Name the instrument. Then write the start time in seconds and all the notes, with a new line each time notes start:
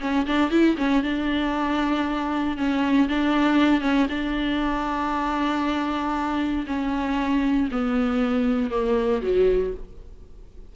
viola
0.00 C#4
0.26 D4
0.50 E4
0.77 C#4
1.03 D4
2.57 C#4
3.09 D4
3.81 C#4
4.10 D4
6.66 C#4
7.71 B3
8.71 A#3
9.22 F#3